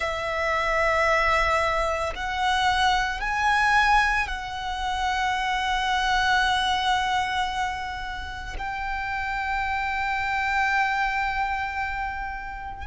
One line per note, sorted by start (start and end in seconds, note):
0.00 2.13 E5
2.15 3.20 F#5
3.20 4.27 G#5
4.27 8.56 F#5
8.58 12.86 G5